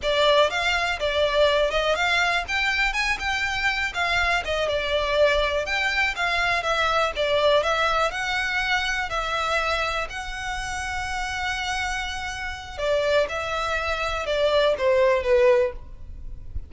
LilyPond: \new Staff \with { instrumentName = "violin" } { \time 4/4 \tempo 4 = 122 d''4 f''4 d''4. dis''8 | f''4 g''4 gis''8 g''4. | f''4 dis''8 d''2 g''8~ | g''8 f''4 e''4 d''4 e''8~ |
e''8 fis''2 e''4.~ | e''8 fis''2.~ fis''8~ | fis''2 d''4 e''4~ | e''4 d''4 c''4 b'4 | }